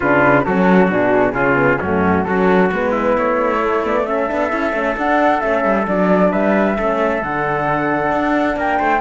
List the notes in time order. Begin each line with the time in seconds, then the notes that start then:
0.00 C#3 D4 F4 B4
0.44 F#3 C#4 F#4 A4
0.90 B2 D4 G#4
1.32 C#3 C#4 F4
1.55 B3
1.80 F#2 A3 C#4 F#4
2.24 F#3 C#4 F#4 A4
2.72 G#3 B3 B4
2.91 E4
3.17 A3 C#5
3.60 A3
3.84 B3 D5
4.05 C#4 A4 E5
4.28 B3 D4
4.49 C#4 E4
4.72 A3 C#4
4.96 D4 F#5
5.39 A3 C#4 E5
5.64 G3
5.87 F#3 D4 D5
6.31 G3 B4 E5
6.77 A3 C#4 A4
7.22 D3 D4 F#5
8.11 D4
8.56 A#3 A#4 G5
8.78 A3 C5